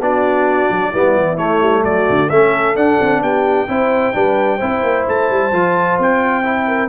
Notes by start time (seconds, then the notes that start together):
0.00 B3 D4 F#4 D5
0.70 F#3
0.91 G3 B3 E4
1.16 E3
1.37 A3 C#5
1.61 G3
1.84 F#3 F#4 D5
2.09 D3
2.30 A3 C#4 A4 E5
2.76 D4 F#5
3.01 C4
3.21 B3 G4 G5
3.68 C4 E4 C5
4.14 G3 D4 B4
4.57 C4 E4 C5
4.83 A#3
5.08 A3 A5
5.31 G3
5.52 F3 F4
5.99 C4 G5
6.43 E4
6.67 A#4